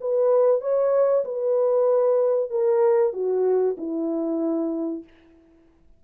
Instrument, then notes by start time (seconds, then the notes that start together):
horn
0.00 B4
0.61 C#5
1.24 B4
2.50 A#4
3.13 F#4
3.77 E4